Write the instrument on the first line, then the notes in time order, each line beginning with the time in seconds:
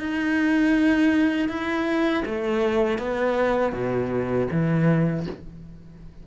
cello
0.00 D#4
1.49 E4
2.26 A3
2.99 B3
3.73 B2
4.52 E3